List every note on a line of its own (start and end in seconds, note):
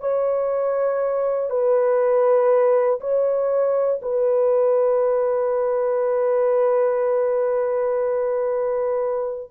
0.00 1.50 C#5
1.50 3.00 B4
3.00 4.00 C#5
4.02 9.51 B4